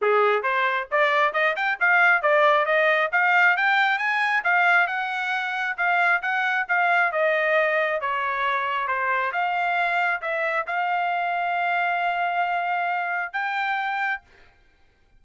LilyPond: \new Staff \with { instrumentName = "trumpet" } { \time 4/4 \tempo 4 = 135 gis'4 c''4 d''4 dis''8 g''8 | f''4 d''4 dis''4 f''4 | g''4 gis''4 f''4 fis''4~ | fis''4 f''4 fis''4 f''4 |
dis''2 cis''2 | c''4 f''2 e''4 | f''1~ | f''2 g''2 | }